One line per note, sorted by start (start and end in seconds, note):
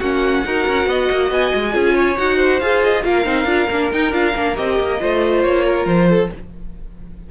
0.00 0.45 A#3
0.00 0.46 C#4
0.00 0.43 F#4
0.00 1.31 F#5
0.45 0.67 D#4
0.45 1.72 F#4
0.45 0.89 A#4
0.68 0.87 C#4
0.87 1.09 B3
0.87 1.75 D#5
1.12 1.31 A#3
1.31 1.53 B3
1.31 2.18 G#5
1.55 1.75 G#3
1.72 2.19 C#4
1.72 2.15 F4
1.72 1.94 G#4
1.94 2.37 C#5
2.18 2.62 D#4
2.18 2.61 F#4
2.18 2.60 F#5
2.37 3.02 C5
2.60 3.05 F4
2.60 3.04 G#4
2.60 2.82 F5
2.84 3.04 D#5
3.04 3.26 A#3
3.04 3.25 F4
3.04 5.01 A#4
3.04 3.91 F5
3.25 3.45 C4
3.25 3.46 D#4
3.45 3.67 D4
3.45 3.68 F4
3.70 3.92 A#3
3.70 3.93 D4
3.92 4.13 D#4
3.92 4.12 D#4
3.92 4.13 G5
4.12 4.34 D4
4.12 4.34 F4
4.12 4.57 F5
4.36 4.58 A#3
4.36 4.56 D4
4.56 4.80 C4
4.56 4.99 G4
4.56 5.43 D#5
4.80 5.02 A#3
5.00 5.44 A3
5.00 6.30 F4
5.00 5.65 C5
5.43 5.86 A#3
5.43 5.86 C#5
5.65 6.09 A#4
5.86 6.29 F3
5.86 6.30 C5
6.10 6.31 A4